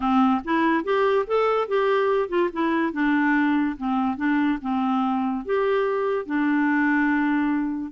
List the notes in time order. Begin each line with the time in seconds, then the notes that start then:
0.00 C4
0.44 E4
0.84 G4
1.27 A4
1.68 G4
2.28 F4
2.52 E4
2.93 D4
3.77 C4
4.17 D4
4.61 C4
5.45 G4
6.26 D4